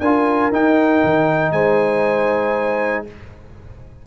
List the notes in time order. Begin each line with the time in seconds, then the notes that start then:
0.00 D4 F4 A#4 G#5
0.52 D#4 G5
1.04 D#3
1.52 G#3 C5 G#5